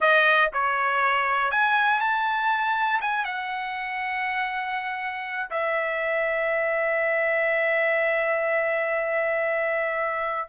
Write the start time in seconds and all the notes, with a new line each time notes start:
0.00 D#5
0.53 C#5
1.51 G#5
2.00 A5
3.01 G#5
3.25 F#5
5.50 E5